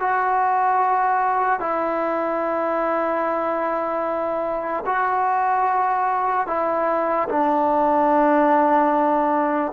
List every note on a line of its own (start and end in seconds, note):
0.00 1.60 F#4
1.60 4.84 E4
4.86 6.47 F#4
6.47 7.28 E4
7.29 9.73 D4